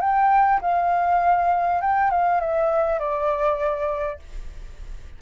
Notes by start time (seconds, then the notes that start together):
0.00 G5
0.61 F5
1.81 G5
2.10 F5
2.40 E5
2.99 D5